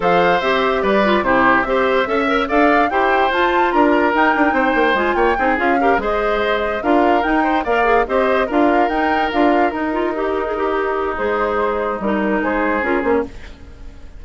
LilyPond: <<
  \new Staff \with { instrumentName = "flute" } { \time 4/4 \tempo 4 = 145 f''4 e''4 d''4 c''4 | e''2 f''4 g''4 | a''4 ais''4 g''2 | gis''8 g''4 f''4 dis''4.~ |
dis''8 f''4 g''4 f''4 dis''8~ | dis''8 f''4 g''4 f''4 ais'8~ | ais'2. c''4~ | c''4 ais'4 c''4 ais'8 c''16 cis''16 | }
  \new Staff \with { instrumentName = "oboe" } { \time 4/4 c''2 b'4 g'4 | c''4 e''4 d''4 c''4~ | c''4 ais'2 c''4~ | c''8 cis''8 gis'4 ais'8 c''4.~ |
c''8 ais'4. c''8 d''4 c''8~ | c''8 ais'2.~ ais'8~ | ais'8 dis'2.~ dis'8~ | dis'2 gis'2 | }
  \new Staff \with { instrumentName = "clarinet" } { \time 4/4 a'4 g'4. f'8 e'4 | g'4 a'8 ais'8 a'4 g'4 | f'2 dis'2 | f'4 dis'8 f'8 g'8 gis'4.~ |
gis'8 f'4 dis'4 ais'8 gis'8 g'8~ | g'8 f'4 dis'4 f'4 dis'8 | f'8 g'8. gis'16 g'4. gis'4~ | gis'4 dis'2 f'8 cis'8 | }
  \new Staff \with { instrumentName = "bassoon" } { \time 4/4 f4 c'4 g4 c4 | c'4 cis'4 d'4 e'4 | f'4 d'4 dis'8 d'8 c'8 ais8 | gis8 ais8 c'8 cis'4 gis4.~ |
gis8 d'4 dis'4 ais4 c'8~ | c'8 d'4 dis'4 d'4 dis'8~ | dis'2. gis4~ | gis4 g4 gis4 cis'8 ais8 | }
>>